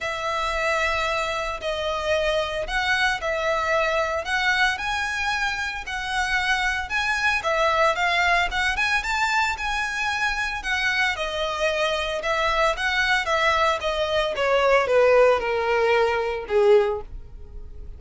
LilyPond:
\new Staff \with { instrumentName = "violin" } { \time 4/4 \tempo 4 = 113 e''2. dis''4~ | dis''4 fis''4 e''2 | fis''4 gis''2 fis''4~ | fis''4 gis''4 e''4 f''4 |
fis''8 gis''8 a''4 gis''2 | fis''4 dis''2 e''4 | fis''4 e''4 dis''4 cis''4 | b'4 ais'2 gis'4 | }